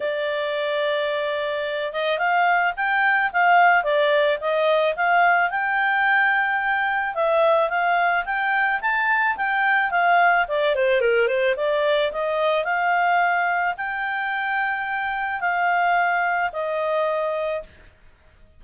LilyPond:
\new Staff \with { instrumentName = "clarinet" } { \time 4/4 \tempo 4 = 109 d''2.~ d''8 dis''8 | f''4 g''4 f''4 d''4 | dis''4 f''4 g''2~ | g''4 e''4 f''4 g''4 |
a''4 g''4 f''4 d''8 c''8 | ais'8 c''8 d''4 dis''4 f''4~ | f''4 g''2. | f''2 dis''2 | }